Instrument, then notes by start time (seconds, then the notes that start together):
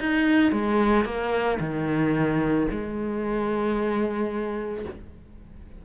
cello
0.00 D#4
0.52 G#3
1.05 A#3
1.60 D#3
2.71 G#3